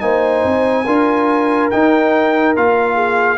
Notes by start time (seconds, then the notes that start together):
0.00 A#3 D#4 C5 G#5
0.44 C4
0.86 D4 F4 A#4
1.70 D#4 G5
2.56 A#3 F4 F5
2.95 G#4